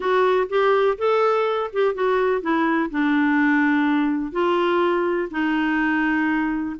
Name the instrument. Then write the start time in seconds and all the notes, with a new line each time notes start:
clarinet
0.00 F#4
0.49 G4
0.98 A4
1.73 G4
1.94 F#4
2.41 E4
2.90 D4
4.32 F4
5.30 D#4